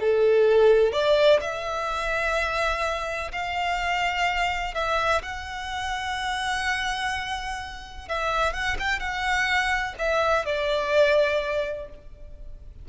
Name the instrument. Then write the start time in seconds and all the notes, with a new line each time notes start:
violin
0.00 A4
0.92 D5
1.41 E5
3.32 F5
4.74 E5
5.23 F#5
8.08 E5
8.53 F#5
8.79 G5
9.00 F#5
9.98 E5
10.45 D5